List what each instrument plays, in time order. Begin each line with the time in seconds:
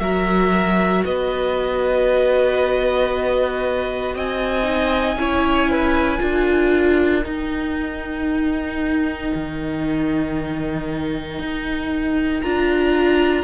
0.00 cello F#3, viola F#4, violin A#4 E5
1.05 cello B3, violin B4 D#5
4.15 cello C4, violin D#5 G#5
4.63 viola D#4
5.16 cello C#4, viola E4, violin C#5
5.71 violin B4
6.19 cello D4, viola F4, violin A#4
7.24 viola D#4, cello D#4, violin G5
9.35 cello D#3
11.40 cello D#4
12.42 cello D4, viola F4, violin A#5